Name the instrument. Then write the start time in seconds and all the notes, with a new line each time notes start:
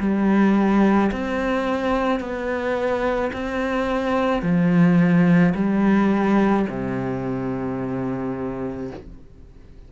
cello
0.00 G3
1.12 C4
2.20 B3
3.33 C4
4.43 F3
5.55 G3
6.69 C3